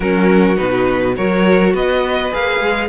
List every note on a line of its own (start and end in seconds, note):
0.00 0.58 F#3
0.00 0.56 C#4
0.00 1.14 F#4
0.00 0.56 A#4
0.56 1.17 B2
0.56 1.14 D#4
0.56 1.15 B4
1.16 1.74 F#3
1.16 2.31 F#4
1.16 1.73 A#4
1.16 1.74 C#5
1.73 2.32 B3
1.73 2.88 B4
1.73 2.33 D#5
2.31 2.60 A#3
2.31 2.88 G#4
2.31 2.88 F5
2.60 2.88 G#3